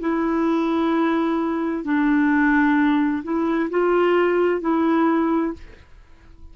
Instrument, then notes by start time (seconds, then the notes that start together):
clarinet
0.00 E4
1.85 D4
3.23 E4
3.70 F4
4.61 E4